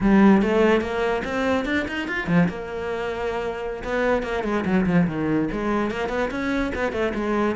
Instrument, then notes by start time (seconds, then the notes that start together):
cello
0.00 G3
0.42 A3
0.81 A#3
1.24 C4
1.65 D4
1.88 D#4
2.07 F4
2.27 F3
2.48 A#3
3.84 B3
4.22 A#3
4.43 G#3
4.65 F#3
4.86 F3
5.07 D#3
5.51 G#3
5.90 A#3
6.08 B3
6.30 C#4
6.74 B3
6.92 A3
7.14 G#3